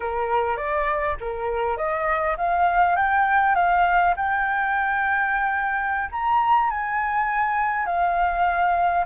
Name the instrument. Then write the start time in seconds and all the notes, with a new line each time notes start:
flute
0.00 A#4
0.56 D5
1.20 A#4
1.77 D#5
2.37 F5
2.96 G5
3.55 F5
4.16 G5
6.11 A#5
6.70 G#5
7.86 F5